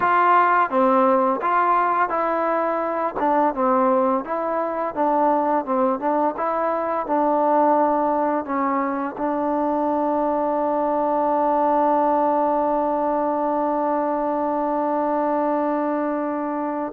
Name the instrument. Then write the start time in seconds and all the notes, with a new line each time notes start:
trombone
0.00 F4
0.69 C4
1.41 F4
2.09 E4
3.19 D4
3.54 C4
4.24 E4
4.94 D4
5.65 C4
5.99 D4
6.36 E4
7.06 D4
8.45 C#4
9.17 D4